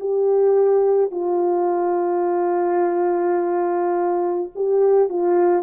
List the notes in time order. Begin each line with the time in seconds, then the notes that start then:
0.00 G4
1.12 F4
4.56 G4
5.09 F4